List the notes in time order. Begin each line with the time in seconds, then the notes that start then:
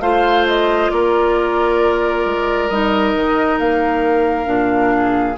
0.00 A3 F4 C5 F5
0.47 D#5
0.91 A#3 A#4 D5
2.25 G#3
2.69 G3 D#4 D#5
3.15 D#3
3.59 A#3 F5
4.45 A#2 D4
4.96 G#4